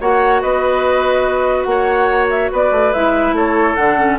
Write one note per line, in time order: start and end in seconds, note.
0.00 0.42 A#3
0.00 2.94 F#4
0.00 0.42 C#5
0.00 0.42 F#5
0.42 1.66 B3
0.42 1.67 B4
0.42 1.63 D#5
1.63 2.50 A#3
1.63 2.26 F#5
1.70 2.52 C#5
2.30 2.51 E5
2.52 2.71 B3
2.52 3.35 B4
2.52 2.93 D5
2.71 2.92 A3
2.93 3.32 G#3
2.93 3.77 E4
2.93 3.35 E5
3.32 3.74 A3
3.32 4.19 A4
3.32 3.75 C#5
3.75 4.19 D3
3.75 3.98 D4
3.75 4.17 F#5
3.98 4.19 C#4